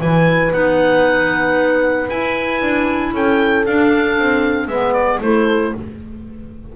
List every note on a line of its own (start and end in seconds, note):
0.00 0.52 E3
0.00 0.52 E4
0.00 3.14 B4
0.00 0.53 G#5
0.52 2.10 B3
0.52 2.09 D#4
0.52 2.10 F#5
2.10 3.66 E4
2.10 2.62 E4
2.10 3.14 G#5
2.62 3.14 D4
3.14 3.66 C#4
3.14 4.69 A4
3.14 3.66 G5
3.66 4.19 D4
3.66 4.71 D4
3.66 4.68 F5
4.19 4.67 C4
4.67 5.19 G#3
4.67 5.22 B3
4.67 5.21 B4
4.67 4.93 E5
4.93 5.20 D5
5.21 5.73 A3
5.21 5.74 E4
5.21 5.76 A4
5.21 5.75 C5